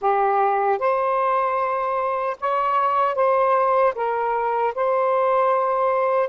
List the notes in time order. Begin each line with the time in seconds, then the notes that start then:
0.01 G4
0.79 C5
2.40 C#5
3.15 C5
3.95 A#4
4.74 C5